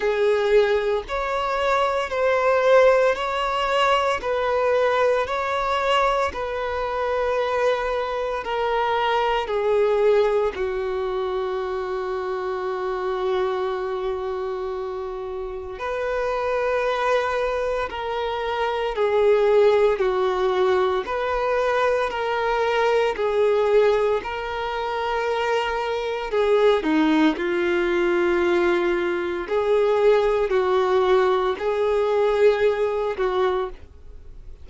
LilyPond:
\new Staff \with { instrumentName = "violin" } { \time 4/4 \tempo 4 = 57 gis'4 cis''4 c''4 cis''4 | b'4 cis''4 b'2 | ais'4 gis'4 fis'2~ | fis'2. b'4~ |
b'4 ais'4 gis'4 fis'4 | b'4 ais'4 gis'4 ais'4~ | ais'4 gis'8 dis'8 f'2 | gis'4 fis'4 gis'4. fis'8 | }